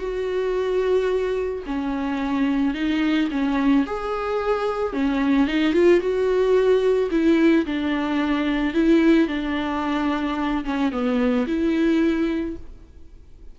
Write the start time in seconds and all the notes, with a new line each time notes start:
0.00 F#4
1.67 C#4
2.75 D#4
3.31 C#4
3.87 G#4
4.93 C#4
5.48 D#4
5.73 F4
6.01 F#4
7.11 E4
7.66 D4
8.74 E4
9.28 D4
10.65 C#4
10.92 B3
11.47 E4